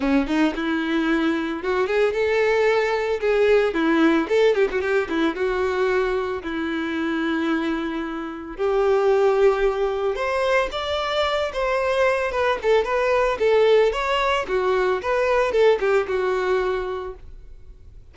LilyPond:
\new Staff \with { instrumentName = "violin" } { \time 4/4 \tempo 4 = 112 cis'8 dis'8 e'2 fis'8 gis'8 | a'2 gis'4 e'4 | a'8 g'16 fis'16 g'8 e'8 fis'2 | e'1 |
g'2. c''4 | d''4. c''4. b'8 a'8 | b'4 a'4 cis''4 fis'4 | b'4 a'8 g'8 fis'2 | }